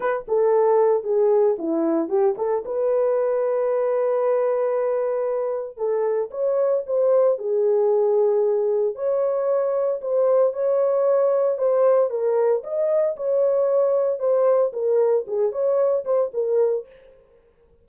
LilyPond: \new Staff \with { instrumentName = "horn" } { \time 4/4 \tempo 4 = 114 b'8 a'4. gis'4 e'4 | g'8 a'8 b'2.~ | b'2. a'4 | cis''4 c''4 gis'2~ |
gis'4 cis''2 c''4 | cis''2 c''4 ais'4 | dis''4 cis''2 c''4 | ais'4 gis'8 cis''4 c''8 ais'4 | }